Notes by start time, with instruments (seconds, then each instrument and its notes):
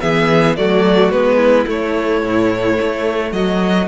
0.00 cello E3, viola B3, violin G#4 E5
0.56 cello F#3, viola A3, violin F#4 D5
1.10 cello G#3, viola B3, violin B4
1.37 violin E4
1.66 viola A3, cello A3, violin C#5
2.23 cello A2
2.81 cello A3
3.32 cello F#3, violin F#4 D#5